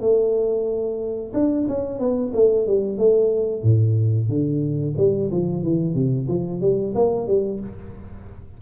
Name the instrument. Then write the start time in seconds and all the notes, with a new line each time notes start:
tuba
0.00 A3
1.34 D4
1.68 C#4
1.99 B3
2.33 A3
2.66 G3
2.98 A3
3.63 A2
4.29 D3
4.97 G3
5.31 F3
5.63 E3
5.94 C3
6.28 F3
6.61 G3
6.94 A#3
7.27 G3